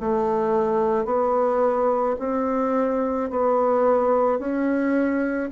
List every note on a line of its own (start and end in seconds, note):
0.00 1.05 A3
1.05 2.16 B3
2.19 3.30 C4
3.30 4.39 B3
4.39 5.50 C#4